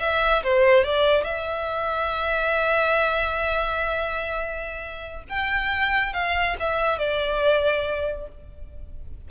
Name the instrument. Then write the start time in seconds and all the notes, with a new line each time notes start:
violin
0.00 E5
0.43 C5
0.84 D5
1.24 E5
5.29 G5
6.14 F5
6.60 E5
6.99 D5